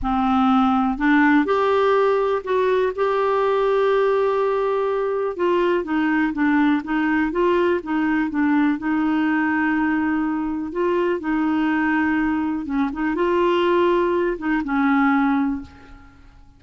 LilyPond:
\new Staff \with { instrumentName = "clarinet" } { \time 4/4 \tempo 4 = 123 c'2 d'4 g'4~ | g'4 fis'4 g'2~ | g'2. f'4 | dis'4 d'4 dis'4 f'4 |
dis'4 d'4 dis'2~ | dis'2 f'4 dis'4~ | dis'2 cis'8 dis'8 f'4~ | f'4. dis'8 cis'2 | }